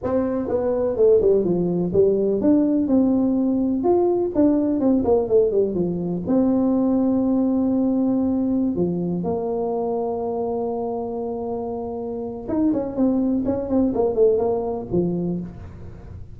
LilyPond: \new Staff \with { instrumentName = "tuba" } { \time 4/4 \tempo 4 = 125 c'4 b4 a8 g8 f4 | g4 d'4 c'2 | f'4 d'4 c'8 ais8 a8 g8 | f4 c'2.~ |
c'2~ c'16 f4 ais8.~ | ais1~ | ais2 dis'8 cis'8 c'4 | cis'8 c'8 ais8 a8 ais4 f4 | }